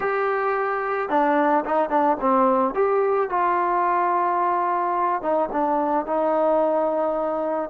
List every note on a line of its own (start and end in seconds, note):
0.00 1.09 G4
1.09 1.64 D4
1.65 1.89 D#4
1.89 2.17 D4
2.20 2.74 C4
2.74 3.29 G4
3.29 5.21 F4
5.21 5.49 D#4
5.51 6.06 D4
6.06 7.70 D#4